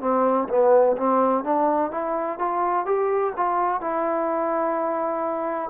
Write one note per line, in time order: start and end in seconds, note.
0.00 0.48 C4
0.48 0.96 B3
0.97 1.44 C4
1.44 1.91 D4
1.91 2.39 E4
2.39 2.85 F4
2.85 3.33 G4
3.36 3.81 F4
3.81 5.70 E4